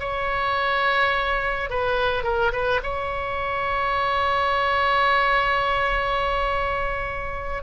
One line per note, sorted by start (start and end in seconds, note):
0.00 1.70 C#5
1.70 2.24 B4
2.24 2.52 A#4
2.52 2.81 B4
2.83 7.63 C#5